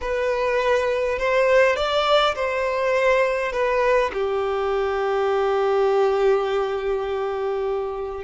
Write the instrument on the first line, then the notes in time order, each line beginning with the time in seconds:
violin
0.01 B4
1.18 C5
1.76 D5
2.35 C5
3.52 B4
4.13 G4